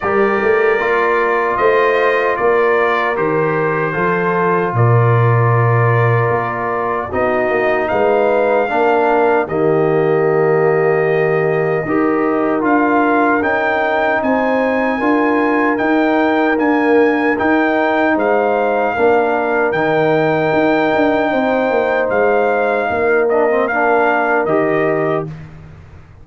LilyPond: <<
  \new Staff \with { instrumentName = "trumpet" } { \time 4/4 \tempo 4 = 76 d''2 dis''4 d''4 | c''2 d''2~ | d''4 dis''4 f''2 | dis''1 |
f''4 g''4 gis''2 | g''4 gis''4 g''4 f''4~ | f''4 g''2. | f''4. dis''8 f''4 dis''4 | }
  \new Staff \with { instrumentName = "horn" } { \time 4/4 ais'2 c''4 ais'4~ | ais'4 a'4 ais'2~ | ais'4 fis'4 b'4 ais'4 | g'2. ais'4~ |
ais'2 c''4 ais'4~ | ais'2. c''4 | ais'2. c''4~ | c''4 ais'2. | }
  \new Staff \with { instrumentName = "trombone" } { \time 4/4 g'4 f'2. | g'4 f'2.~ | f'4 dis'2 d'4 | ais2. g'4 |
f'4 dis'2 f'4 | dis'4 ais4 dis'2 | d'4 dis'2.~ | dis'4. d'16 c'16 d'4 g'4 | }
  \new Staff \with { instrumentName = "tuba" } { \time 4/4 g8 a8 ais4 a4 ais4 | dis4 f4 ais,2 | ais4 b8 ais8 gis4 ais4 | dis2. dis'4 |
d'4 cis'4 c'4 d'4 | dis'4 d'4 dis'4 gis4 | ais4 dis4 dis'8 d'8 c'8 ais8 | gis4 ais2 dis4 | }
>>